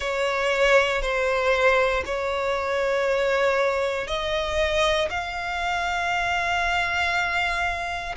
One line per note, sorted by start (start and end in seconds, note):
0.00 1.02 C#5
1.02 2.03 C5
2.05 4.07 C#5
4.07 5.08 D#5
5.09 8.14 F5